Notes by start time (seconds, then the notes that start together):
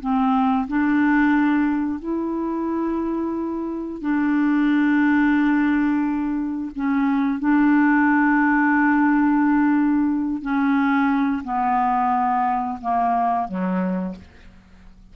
0.00 C4
0.68 D4
1.99 E4
4.01 D4
6.75 C#4
7.39 D4
10.42 C#4
11.44 B3
12.81 A#3
13.48 F#3